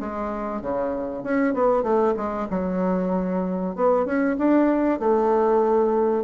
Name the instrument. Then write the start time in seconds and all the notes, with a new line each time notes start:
bassoon
0.00 G#3
0.62 C#3
1.24 C#4
1.54 B3
1.84 A3
2.17 G#3
2.51 F#3
3.76 B3
4.06 C#4
4.38 D4
4.99 A3